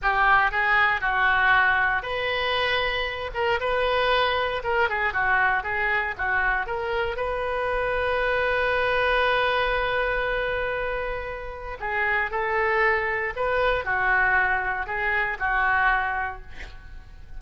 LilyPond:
\new Staff \with { instrumentName = "oboe" } { \time 4/4 \tempo 4 = 117 g'4 gis'4 fis'2 | b'2~ b'8 ais'8 b'4~ | b'4 ais'8 gis'8 fis'4 gis'4 | fis'4 ais'4 b'2~ |
b'1~ | b'2. gis'4 | a'2 b'4 fis'4~ | fis'4 gis'4 fis'2 | }